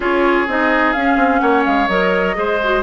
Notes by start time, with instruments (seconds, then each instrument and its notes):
0.00 bassoon C#4, clarinet F4, oboe G#4, flute C#5
0.47 bassoon C4, clarinet D#4, flute D#5
0.92 bassoon C#4, clarinet C#4, flute F5
1.16 bassoon C4
1.39 bassoon A#3, oboe C#5, flute F#5
1.65 bassoon G#3, flute F5
1.88 bassoon F#3, clarinet A#4, flute D#5
2.35 bassoon G#3, clarinet G#4, oboe C5
2.63 clarinet F#4